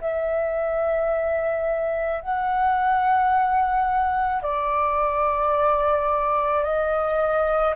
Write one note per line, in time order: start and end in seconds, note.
0.00 2.21 E5
2.21 4.42 F#5
4.42 6.63 D5
6.63 7.74 D#5